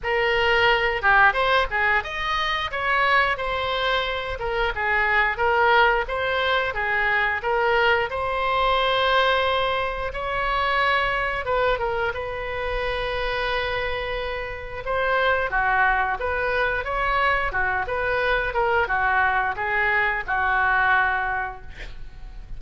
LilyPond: \new Staff \with { instrumentName = "oboe" } { \time 4/4 \tempo 4 = 89 ais'4. g'8 c''8 gis'8 dis''4 | cis''4 c''4. ais'8 gis'4 | ais'4 c''4 gis'4 ais'4 | c''2. cis''4~ |
cis''4 b'8 ais'8 b'2~ | b'2 c''4 fis'4 | b'4 cis''4 fis'8 b'4 ais'8 | fis'4 gis'4 fis'2 | }